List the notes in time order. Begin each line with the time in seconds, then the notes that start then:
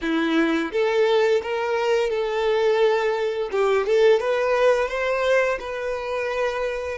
0.01 E4
0.72 A4
1.42 A#4
2.10 A4
3.51 G4
3.86 A4
4.20 B4
4.88 C5
5.59 B4